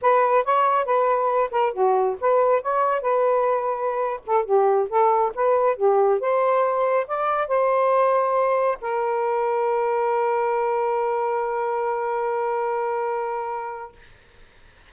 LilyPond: \new Staff \with { instrumentName = "saxophone" } { \time 4/4 \tempo 4 = 138 b'4 cis''4 b'4. ais'8 | fis'4 b'4 cis''4 b'4~ | b'4.~ b'16 a'8 g'4 a'8.~ | a'16 b'4 g'4 c''4.~ c''16~ |
c''16 d''4 c''2~ c''8.~ | c''16 ais'2.~ ais'8.~ | ais'1~ | ais'1 | }